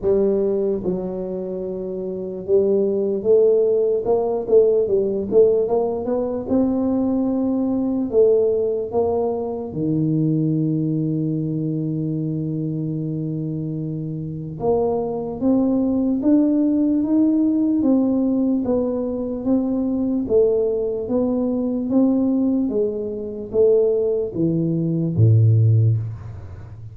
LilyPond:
\new Staff \with { instrumentName = "tuba" } { \time 4/4 \tempo 4 = 74 g4 fis2 g4 | a4 ais8 a8 g8 a8 ais8 b8 | c'2 a4 ais4 | dis1~ |
dis2 ais4 c'4 | d'4 dis'4 c'4 b4 | c'4 a4 b4 c'4 | gis4 a4 e4 a,4 | }